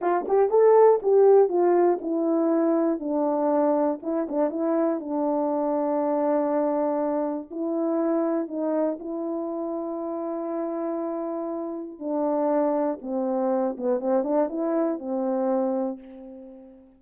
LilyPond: \new Staff \with { instrumentName = "horn" } { \time 4/4 \tempo 4 = 120 f'8 g'8 a'4 g'4 f'4 | e'2 d'2 | e'8 d'8 e'4 d'2~ | d'2. e'4~ |
e'4 dis'4 e'2~ | e'1 | d'2 c'4. b8 | c'8 d'8 e'4 c'2 | }